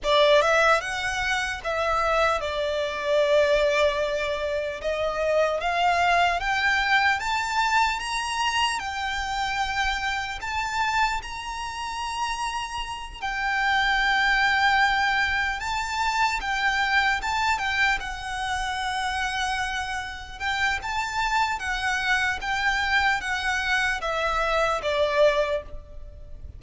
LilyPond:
\new Staff \with { instrumentName = "violin" } { \time 4/4 \tempo 4 = 75 d''8 e''8 fis''4 e''4 d''4~ | d''2 dis''4 f''4 | g''4 a''4 ais''4 g''4~ | g''4 a''4 ais''2~ |
ais''8 g''2. a''8~ | a''8 g''4 a''8 g''8 fis''4.~ | fis''4. g''8 a''4 fis''4 | g''4 fis''4 e''4 d''4 | }